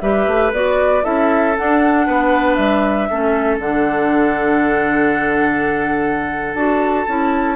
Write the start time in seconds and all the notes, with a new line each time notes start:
0.00 G3 G4 B4 E5
0.27 A3
0.52 B3 F#4 D5
1.03 C#4 E4 A4 E5
1.57 D4 F#5
2.06 B3 B4
2.54 G3 E5
3.10 A3 C#4 A4
3.58 D3 D4 F#5
6.54 D4 F#4 A5
7.07 C#4 E4